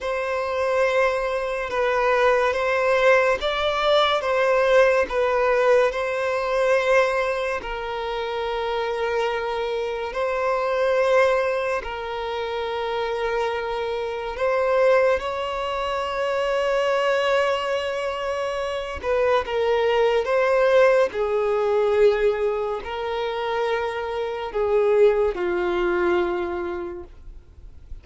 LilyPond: \new Staff \with { instrumentName = "violin" } { \time 4/4 \tempo 4 = 71 c''2 b'4 c''4 | d''4 c''4 b'4 c''4~ | c''4 ais'2. | c''2 ais'2~ |
ais'4 c''4 cis''2~ | cis''2~ cis''8 b'8 ais'4 | c''4 gis'2 ais'4~ | ais'4 gis'4 f'2 | }